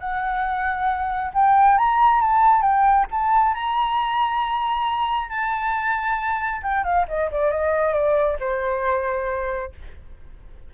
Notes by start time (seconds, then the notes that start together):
0.00 F#5
1.34 G5
1.78 A#5
2.22 A5
2.62 G5
3.12 A5
3.55 A#5
5.30 A5
6.63 G5
6.84 F5
7.09 D#5
7.32 D5
7.51 D#5
7.94 D5
8.40 C5